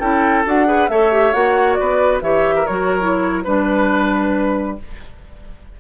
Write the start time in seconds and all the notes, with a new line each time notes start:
0.00 C#4 E4 A4 G5
0.45 D4 F#4 F#5
0.66 G#4 B4
0.89 A3 A4 C#5 E5
1.12 G4
1.33 A#3 F#4 F#5
1.74 B4 D5
1.81 B3
2.22 E3 G4 C#5 E5
2.55 A#4
2.67 F#3 F#4 C#5
3.00 E4
3.44 G3 D4 B4